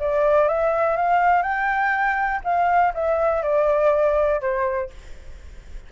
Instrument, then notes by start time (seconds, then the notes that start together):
flute
0.00 D5
0.48 E5
0.97 F5
1.43 G5
2.45 F5
2.94 E5
3.43 D5
4.41 C5